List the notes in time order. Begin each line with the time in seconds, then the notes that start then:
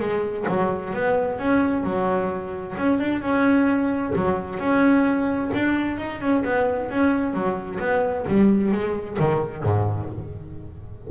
0.00 G#3
0.49 F#3
0.94 B3
1.39 C#4
1.84 F#3
2.78 C#4
3.00 D4
3.22 C#4
4.15 F#3
4.60 C#4
5.54 D4
5.98 D#4
6.21 C#4
6.45 B3
6.91 C#4
7.34 F#3
7.80 B3
8.28 G3
8.72 G#3
9.20 D#3
9.64 G#2